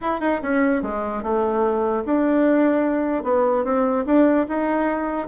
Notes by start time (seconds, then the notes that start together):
0.01 E4
0.20 D#4
0.42 C#4
0.82 G#3
1.22 A3
2.05 D4
3.23 B3
3.64 C4
4.05 D4
4.48 D#4